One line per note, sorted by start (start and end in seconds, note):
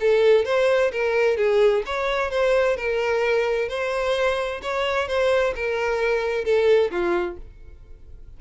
0.00 0.45 A4
0.45 0.91 C5
0.92 1.37 A#4
1.37 1.83 G#4
1.85 2.30 C#5
2.30 2.76 C5
2.76 3.68 A#4
3.68 4.61 C5
4.62 5.07 C#5
5.07 5.53 C5
5.55 6.44 A#4
6.44 6.90 A4
6.91 7.37 F4